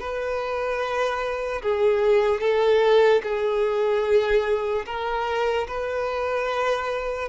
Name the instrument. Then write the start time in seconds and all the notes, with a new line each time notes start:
violin
0.00 B4
1.63 G#4
2.41 A4
3.24 G#4
4.86 A#4
5.68 B4